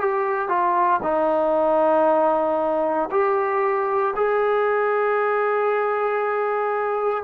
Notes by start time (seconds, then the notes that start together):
0.00 G4
0.49 F4
1.03 D#4
3.11 G4
4.16 G#4